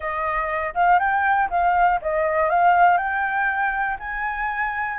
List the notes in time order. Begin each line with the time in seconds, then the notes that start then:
0.00 D#5
0.74 F5
0.99 G5
1.50 F5
2.01 D#5
2.49 F5
2.97 G5
3.99 G#5